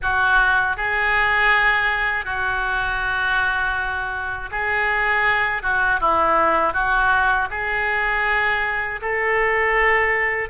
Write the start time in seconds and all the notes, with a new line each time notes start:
0.01 F#4
0.76 G#4
2.25 F#4
4.51 G#4
5.62 F#4
6.00 E4
6.73 F#4
7.50 G#4
9.01 A4